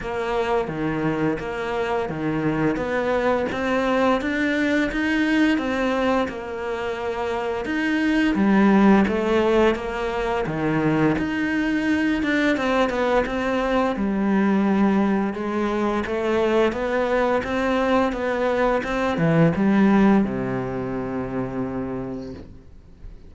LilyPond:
\new Staff \with { instrumentName = "cello" } { \time 4/4 \tempo 4 = 86 ais4 dis4 ais4 dis4 | b4 c'4 d'4 dis'4 | c'4 ais2 dis'4 | g4 a4 ais4 dis4 |
dis'4. d'8 c'8 b8 c'4 | g2 gis4 a4 | b4 c'4 b4 c'8 e8 | g4 c2. | }